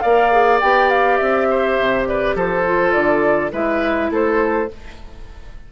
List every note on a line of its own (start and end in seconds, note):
0.00 0.62 A#3
0.00 0.31 A#4
0.00 1.48 D5
0.00 0.58 F5
0.31 0.60 G#4
0.60 1.20 B3
0.60 2.65 G4
0.60 0.89 G5
0.90 1.17 F5
1.17 1.79 C4
1.17 2.04 E5
1.50 2.08 C5
1.79 2.34 C3
2.06 2.35 B4
2.06 2.36 D5
2.34 2.93 F3
2.34 3.51 A4
2.34 2.92 C5
2.65 3.51 F4
2.92 3.52 D3
2.92 3.50 D5
3.51 4.10 G#3
3.51 4.68 E4
3.51 4.10 B4
3.51 4.12 E5
4.10 4.68 A3
4.10 4.69 A4
4.10 4.71 C5